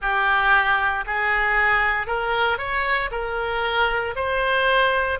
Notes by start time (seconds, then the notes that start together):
0.01 G4
1.06 G#4
2.06 A#4
2.58 C#5
3.11 A#4
4.15 C5